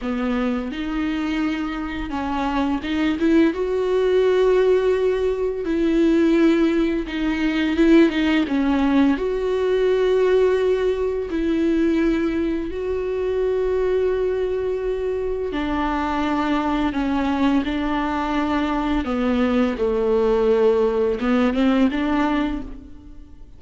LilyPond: \new Staff \with { instrumentName = "viola" } { \time 4/4 \tempo 4 = 85 b4 dis'2 cis'4 | dis'8 e'8 fis'2. | e'2 dis'4 e'8 dis'8 | cis'4 fis'2. |
e'2 fis'2~ | fis'2 d'2 | cis'4 d'2 b4 | a2 b8 c'8 d'4 | }